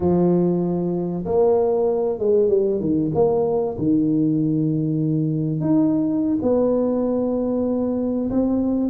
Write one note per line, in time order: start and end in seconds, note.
0.00 1.24 F3
1.25 2.18 A#3
2.18 2.49 G#3
2.49 2.80 G3
2.80 3.11 D#3
3.14 3.77 A#3
3.78 5.60 D#3
5.60 6.38 D#4
6.42 8.29 B3
8.30 8.90 C4